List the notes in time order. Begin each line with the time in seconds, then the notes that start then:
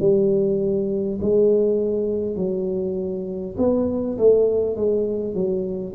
0.00 G3
1.22 G#3
2.37 F#3
3.58 B3
4.18 A3
4.77 G#3
5.35 F#3